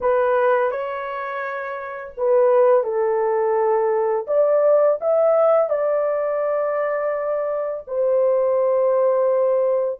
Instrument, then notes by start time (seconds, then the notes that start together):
horn
0.00 B4
0.71 C#5
2.17 B4
2.83 A4
4.27 D5
5.01 E5
5.69 D5
7.87 C5